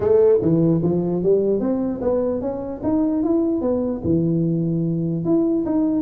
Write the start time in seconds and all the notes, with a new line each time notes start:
0.00 A3
0.41 E3
0.83 F3
1.23 G3
1.60 C4
2.01 B3
2.41 C#4
2.83 D#4
3.23 E4
3.61 B3
4.04 E3
5.24 E4
5.65 D#4